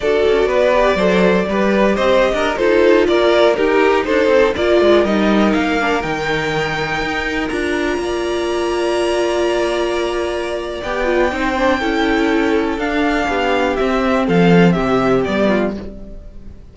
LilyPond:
<<
  \new Staff \with { instrumentName = "violin" } { \time 4/4 \tempo 4 = 122 d''1 | dis''4~ dis''16 c''4 d''4 ais'8.~ | ais'16 c''4 d''4 dis''4 f''8.~ | f''16 g''2. ais''8.~ |
ais''1~ | ais''2 g''2~ | g''2 f''2 | e''4 f''4 e''4 d''4 | }
  \new Staff \with { instrumentName = "violin" } { \time 4/4 a'4 b'4 c''4 b'4 | c''8. ais'8 a'4 ais'4 g'8.~ | g'16 a'4 ais'2~ ais'8.~ | ais'1~ |
ais'16 d''2.~ d''8.~ | d''2. c''4 | a'2. g'4~ | g'4 a'4 g'4. f'8 | }
  \new Staff \with { instrumentName = "viola" } { \time 4/4 fis'4. g'8 a'4 g'4~ | g'4~ g'16 f'2 dis'8.~ | dis'4~ dis'16 f'4 dis'4. d'16~ | d'16 dis'2. f'8.~ |
f'1~ | f'2 g'8 f'8 dis'8 d'8 | e'2 d'2 | c'2. b4 | }
  \new Staff \with { instrumentName = "cello" } { \time 4/4 d'8 cis'8 b4 fis4 g4 | c'8. d'8 dis'4 ais4 dis'8.~ | dis'16 d'8 c'8 ais8 gis8 g4 ais8.~ | ais16 dis2 dis'4 d'8.~ |
d'16 ais2.~ ais8.~ | ais2 b4 c'4 | cis'2 d'4 b4 | c'4 f4 c4 g4 | }
>>